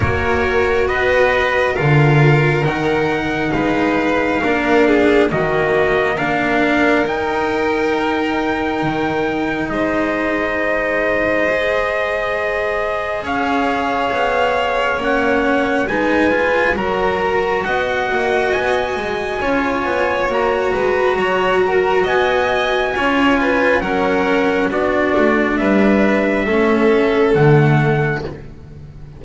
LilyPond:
<<
  \new Staff \with { instrumentName = "trumpet" } { \time 4/4 \tempo 4 = 68 cis''4 dis''4 f''4 fis''4 | f''2 dis''4 f''4 | g''2. dis''4~ | dis''2. f''4~ |
f''4 fis''4 gis''4 ais''4 | fis''4 gis''2 ais''4~ | ais''4 gis''2 fis''4 | d''4 e''2 fis''4 | }
  \new Staff \with { instrumentName = "violin" } { \time 4/4 ais'4 b'4 ais'2 | b'4 ais'8 gis'8 fis'4 ais'4~ | ais'2. c''4~ | c''2. cis''4~ |
cis''2 b'4 ais'4 | dis''2 cis''4. b'8 | cis''8 ais'8 dis''4 cis''8 b'8 ais'4 | fis'4 b'4 a'2 | }
  \new Staff \with { instrumentName = "cello" } { \time 4/4 fis'2 f'4 dis'4~ | dis'4 d'4 ais4 d'4 | dis'1~ | dis'4 gis'2.~ |
gis'4 cis'4 dis'8 f'8 fis'4~ | fis'2 f'4 fis'4~ | fis'2 f'4 cis'4 | d'2 cis'4 a4 | }
  \new Staff \with { instrumentName = "double bass" } { \time 4/4 ais4 b4 d4 dis4 | gis4 ais4 dis4 ais4 | dis'2 dis4 gis4~ | gis2. cis'4 |
b4 ais4 gis4 fis4 | b8 ais8 b8 gis8 cis'8 b8 ais8 gis8 | fis4 b4 cis'4 fis4 | b8 a8 g4 a4 d4 | }
>>